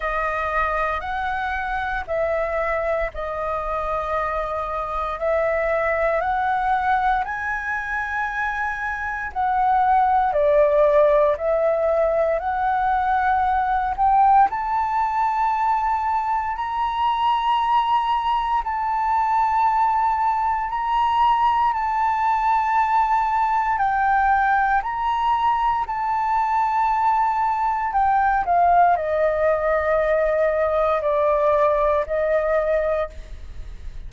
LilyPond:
\new Staff \with { instrumentName = "flute" } { \time 4/4 \tempo 4 = 58 dis''4 fis''4 e''4 dis''4~ | dis''4 e''4 fis''4 gis''4~ | gis''4 fis''4 d''4 e''4 | fis''4. g''8 a''2 |
ais''2 a''2 | ais''4 a''2 g''4 | ais''4 a''2 g''8 f''8 | dis''2 d''4 dis''4 | }